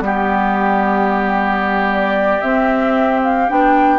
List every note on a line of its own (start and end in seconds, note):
0.00 2.39 G3
0.00 2.41 B3
0.00 1.89 G4
0.00 3.99 G4
1.91 2.41 D5
2.41 3.48 C4
2.41 3.49 C4
2.41 3.21 E5
3.23 3.49 F5
3.48 3.99 B3
3.48 3.99 D4
3.48 3.99 G5